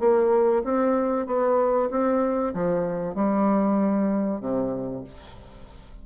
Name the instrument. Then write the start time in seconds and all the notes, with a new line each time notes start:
bassoon
0.00 A#3
0.64 C4
1.27 B3
1.91 C4
2.54 F3
3.15 G3
4.41 C3